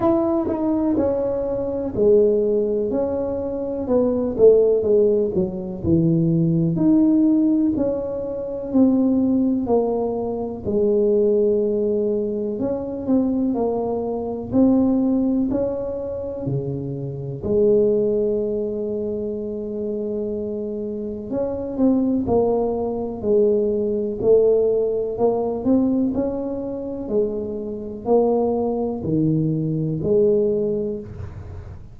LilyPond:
\new Staff \with { instrumentName = "tuba" } { \time 4/4 \tempo 4 = 62 e'8 dis'8 cis'4 gis4 cis'4 | b8 a8 gis8 fis8 e4 dis'4 | cis'4 c'4 ais4 gis4~ | gis4 cis'8 c'8 ais4 c'4 |
cis'4 cis4 gis2~ | gis2 cis'8 c'8 ais4 | gis4 a4 ais8 c'8 cis'4 | gis4 ais4 dis4 gis4 | }